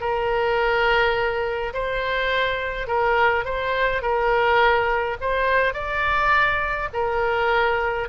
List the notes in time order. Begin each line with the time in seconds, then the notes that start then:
0.00 A#4
1.73 C5
2.87 A#4
3.45 C5
4.02 A#4
5.21 C5
5.73 D5
6.93 A#4